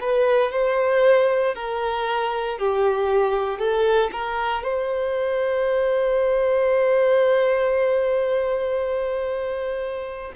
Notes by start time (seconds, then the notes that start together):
0.00 B4
0.51 C5
1.55 A#4
2.58 G4
3.58 A4
4.12 A#4
4.63 C5